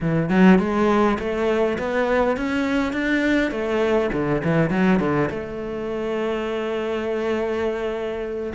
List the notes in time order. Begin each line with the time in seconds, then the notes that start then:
0.01 E3
0.29 F#3
0.59 G#3
1.19 A3
1.78 B3
2.36 C#4
2.92 D4
3.51 A3
4.13 D3
4.44 E3
4.70 F#3
4.99 D3
5.29 A3